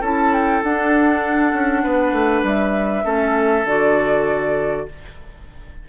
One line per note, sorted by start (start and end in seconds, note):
0.00 0.61 C#4
0.00 0.63 E4
0.00 1.82 A4
0.00 0.33 A5
0.33 0.63 G5
0.63 1.53 D4
0.63 3.03 D4
0.63 2.45 F#5
1.53 1.83 C#4
1.83 2.11 B3
1.83 3.04 B4
2.11 2.42 A3
2.43 3.03 G3
2.43 3.67 E5
3.03 3.64 A3
3.03 3.64 C#4
3.03 4.86 A4
3.64 4.85 D3
3.64 4.88 F#4
3.64 4.88 D5